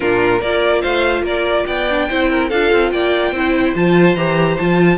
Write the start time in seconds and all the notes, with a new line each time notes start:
0.00 A#2 D4 F4 A#4
0.40 A#3 F4 A#4 D5
0.81 A3 C5 F5
1.22 A#3 A#4 D5
1.66 B3 D5 G5
1.90 D4
2.08 C4 E4 C5
2.29 A#4
2.49 D4 F4 A4 F5
2.72 C4
2.91 A#3 D5 G5
3.31 C4 E4 C5
3.75 F3 F4 A5
4.15 E3 G4 A#5
4.57 F3 F4 A5